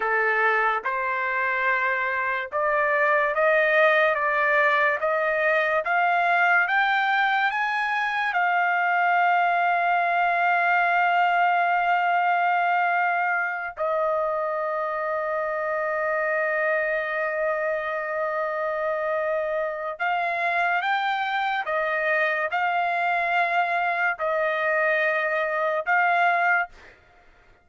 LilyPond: \new Staff \with { instrumentName = "trumpet" } { \time 4/4 \tempo 4 = 72 a'4 c''2 d''4 | dis''4 d''4 dis''4 f''4 | g''4 gis''4 f''2~ | f''1~ |
f''8 dis''2.~ dis''8~ | dis''1 | f''4 g''4 dis''4 f''4~ | f''4 dis''2 f''4 | }